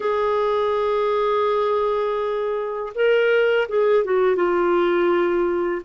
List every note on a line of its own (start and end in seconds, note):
0.00 2.92 G#4
2.94 3.68 A#4
3.68 4.04 G#4
4.04 4.35 F#4
4.35 5.81 F4